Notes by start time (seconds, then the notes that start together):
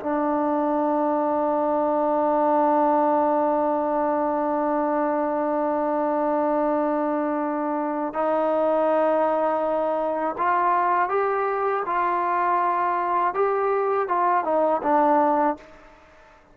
0.00 D4
8.14 D#4
10.38 F4
11.09 G4
11.86 F4
13.34 G4
14.08 F4
14.44 D#4
14.83 D4